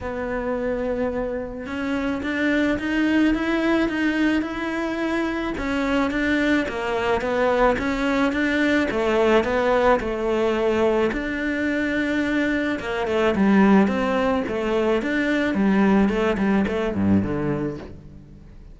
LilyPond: \new Staff \with { instrumentName = "cello" } { \time 4/4 \tempo 4 = 108 b2. cis'4 | d'4 dis'4 e'4 dis'4 | e'2 cis'4 d'4 | ais4 b4 cis'4 d'4 |
a4 b4 a2 | d'2. ais8 a8 | g4 c'4 a4 d'4 | g4 a8 g8 a8 g,8 d4 | }